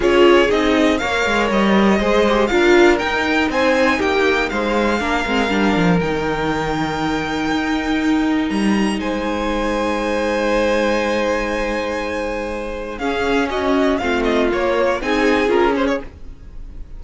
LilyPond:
<<
  \new Staff \with { instrumentName = "violin" } { \time 4/4 \tempo 4 = 120 cis''4 dis''4 f''4 dis''4~ | dis''4 f''4 g''4 gis''4 | g''4 f''2. | g''1~ |
g''4 ais''4 gis''2~ | gis''1~ | gis''2 f''4 dis''4 | f''8 dis''8 cis''4 gis''4 ais'8 c''16 cis''16 | }
  \new Staff \with { instrumentName = "violin" } { \time 4/4 gis'2 cis''2 | c''4 ais'2 c''4 | g'4 c''4 ais'2~ | ais'1~ |
ais'2 c''2~ | c''1~ | c''2 gis'4 fis'4 | f'2 gis'2 | }
  \new Staff \with { instrumentName = "viola" } { \time 4/4 f'4 dis'4 ais'2 | gis'8 g'8 f'4 dis'2~ | dis'2 d'8 c'8 d'4 | dis'1~ |
dis'1~ | dis'1~ | dis'2 cis'2 | c'4 ais4 dis'4 f'8 cis'8 | }
  \new Staff \with { instrumentName = "cello" } { \time 4/4 cis'4 c'4 ais8 gis8 g4 | gis4 d'4 dis'4 c'4 | ais4 gis4 ais8 gis8 g8 f8 | dis2. dis'4~ |
dis'4 g4 gis2~ | gis1~ | gis2 cis'2 | a4 ais4 c'4 cis'4 | }
>>